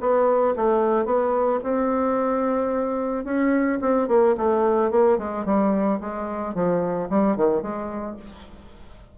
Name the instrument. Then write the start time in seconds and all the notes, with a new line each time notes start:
bassoon
0.00 B3
0.56 A3
1.05 B3
1.63 C4
3.24 C#4
3.81 C4
4.08 A#3
4.37 A3
4.90 A#3
5.18 G#3
5.45 G3
6.00 G#3
6.54 F3
7.09 G3
7.36 D#3
7.62 G#3